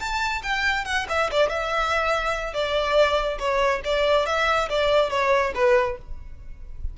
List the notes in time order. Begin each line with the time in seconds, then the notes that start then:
0.00 A5
0.43 G5
0.85 F#5
1.09 E5
1.32 D5
1.50 E5
2.54 D5
3.39 C#5
3.85 D5
4.26 E5
4.70 D5
5.11 C#5
5.55 B4